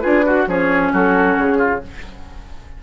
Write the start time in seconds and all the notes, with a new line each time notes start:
0.00 D4 F4 G#4 B4
0.26 F#4
0.47 F3 C#4 G#4 C#5
0.93 F#3 F#4 A4
1.39 C#3 G#4
1.58 F4